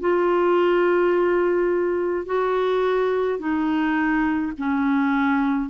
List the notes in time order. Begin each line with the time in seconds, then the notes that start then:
0.00 F4
2.26 F#4
3.39 D#4
4.58 C#4